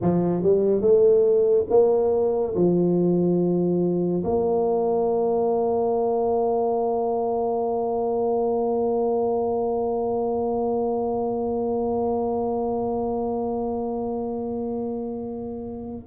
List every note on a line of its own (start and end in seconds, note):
0.01 0.42 F3
0.42 0.81 G3
0.81 1.66 A3
1.69 2.54 A#3
2.54 4.23 F3
4.24 16.07 A#3